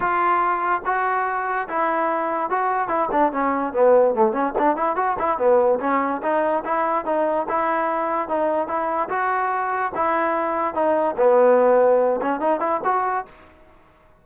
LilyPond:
\new Staff \with { instrumentName = "trombone" } { \time 4/4 \tempo 4 = 145 f'2 fis'2 | e'2 fis'4 e'8 d'8 | cis'4 b4 a8 cis'8 d'8 e'8 | fis'8 e'8 b4 cis'4 dis'4 |
e'4 dis'4 e'2 | dis'4 e'4 fis'2 | e'2 dis'4 b4~ | b4. cis'8 dis'8 e'8 fis'4 | }